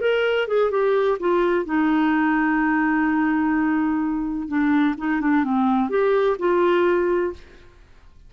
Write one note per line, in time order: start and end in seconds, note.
0.00 0.47 A#4
0.47 0.71 G#4
0.71 1.18 G4
1.19 1.65 F4
1.65 4.48 D#4
4.48 4.95 D4
4.97 5.21 D#4
5.21 5.44 D4
5.44 5.89 C4
5.89 6.37 G4
6.39 7.33 F4